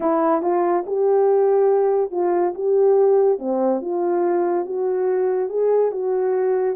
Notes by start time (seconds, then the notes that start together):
0.00 E4
0.42 F4
0.86 G4
2.11 F4
2.54 G4
3.38 C4
3.81 F4
4.65 F#4
5.49 G#4
5.91 F#4